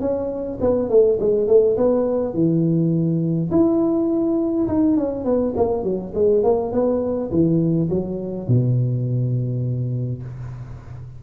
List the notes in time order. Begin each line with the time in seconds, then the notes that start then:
0.00 C#4
0.60 B3
0.89 A3
1.19 G#3
1.47 A3
1.77 B3
2.34 E3
3.51 E4
4.68 D#4
4.97 C#4
5.24 B3
5.57 A#3
5.83 F#3
6.14 G#3
6.43 A#3
6.72 B3
7.31 E3
7.89 F#3
8.48 B2